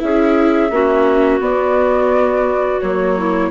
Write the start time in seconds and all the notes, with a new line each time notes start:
0.00 C#4 E4 G#4 E5
0.71 A#3 C#4 F#4
1.41 B3 D5
2.81 F#3 A#3 C#5
3.17 E4